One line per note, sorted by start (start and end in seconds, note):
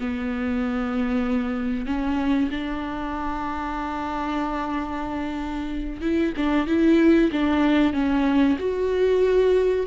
0.00 1.86 B3
1.86 2.50 C#4
2.51 6.01 D4
6.01 6.33 E4
6.37 6.67 D4
6.67 7.31 E4
7.32 7.93 D4
7.93 8.57 C#4
8.59 9.86 F#4